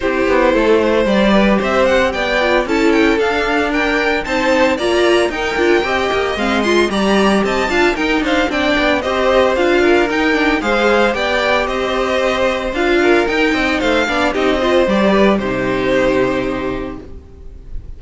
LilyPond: <<
  \new Staff \with { instrumentName = "violin" } { \time 4/4 \tempo 4 = 113 c''2 d''4 e''8 fis''8 | g''4 a''8 g''8 f''4 g''4 | a''4 ais''4 g''2 | f''8 c'''8 ais''4 a''4 g''8 f''8 |
g''4 dis''4 f''4 g''4 | f''4 g''4 dis''2 | f''4 g''4 f''4 dis''4 | d''4 c''2. | }
  \new Staff \with { instrumentName = "violin" } { \time 4/4 g'4 a'8 c''4 b'8 c''4 | d''4 a'2 ais'4 | c''4 d''4 ais'4 dis''4~ | dis''4 d''4 dis''8 f''8 ais'8 c''8 |
d''4 c''4. ais'4. | c''4 d''4 c''2~ | c''8 ais'4 dis''8 c''8 d''8 g'8 c''8~ | c''8 b'8 g'2. | }
  \new Staff \with { instrumentName = "viola" } { \time 4/4 e'2 g'2~ | g'8 f'8 e'4 d'2 | dis'4 f'4 dis'8 f'8 g'4 | c'8 f'8 g'4. f'8 dis'4 |
d'4 g'4 f'4 dis'8 d'8 | gis'4 g'2. | f'4 dis'4. d'8 dis'8 f'8 | g'4 dis'2. | }
  \new Staff \with { instrumentName = "cello" } { \time 4/4 c'8 b8 a4 g4 c'4 | b4 cis'4 d'2 | c'4 ais4 dis'8 d'8 c'8 ais8 | gis4 g4 c'8 d'8 dis'8 d'8 |
c'8 b8 c'4 d'4 dis'4 | gis4 b4 c'2 | d'4 dis'8 c'8 a8 b8 c'4 | g4 c2. | }
>>